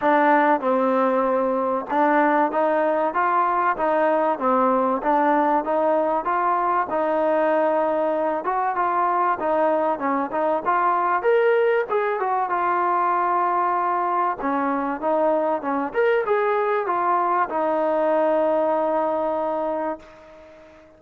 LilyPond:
\new Staff \with { instrumentName = "trombone" } { \time 4/4 \tempo 4 = 96 d'4 c'2 d'4 | dis'4 f'4 dis'4 c'4 | d'4 dis'4 f'4 dis'4~ | dis'4. fis'8 f'4 dis'4 |
cis'8 dis'8 f'4 ais'4 gis'8 fis'8 | f'2. cis'4 | dis'4 cis'8 ais'8 gis'4 f'4 | dis'1 | }